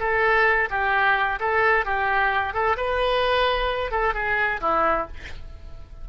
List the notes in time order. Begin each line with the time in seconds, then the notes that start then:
0.00 A4
0.70 G4
1.40 A4
1.86 G4
2.54 A4
2.77 B4
3.91 A4
4.14 G#4
4.61 E4